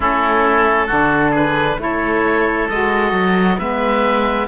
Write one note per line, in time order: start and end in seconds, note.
0.00 0.90 A3
0.00 0.88 C#4
0.00 0.86 E4
0.00 1.35 A4
0.86 1.78 D3
0.86 1.78 D4
0.86 1.30 F#4
1.30 1.75 G#4
1.30 1.80 B4
1.78 2.67 A3
1.78 2.68 E4
1.78 3.58 A4
1.78 2.69 C#5
2.69 3.12 G#3
2.69 3.59 F#4
2.69 3.58 D#5
3.12 3.57 F#3
3.58 4.47 G#3
3.58 4.47 B3
3.58 4.47 B4
3.58 4.47 E5